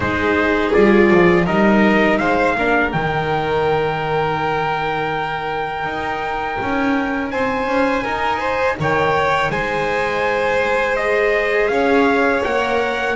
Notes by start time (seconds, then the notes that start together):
0.00 G#3 D#4 G#4 C5
0.72 G3 F4 D5
1.11 F3
1.45 G3 D#4 A#4 D#5
2.17 G#3 C5 F5
2.56 A#3 D4 A#4
2.92 D#3 D#4 G5
5.84 D#4
6.61 C#4
7.30 C4 C5 G#5
7.67 C#4
8.03 D#4 A#4
8.39 C5
8.79 D#3 C#5 G5
9.49 G#3 C5 G#5
10.95 G#4 D#5
11.68 C#4 C#5 F5
12.43 A#3 A#4 F#5